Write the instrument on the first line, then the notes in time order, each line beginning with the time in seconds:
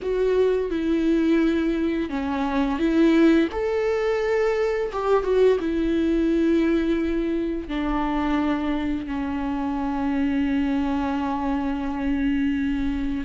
viola
0.02 F#4
0.70 E4
2.09 C#4
2.78 E4
3.52 A4
4.92 G4
5.23 F#4
5.59 E4
7.67 D4
9.07 C#4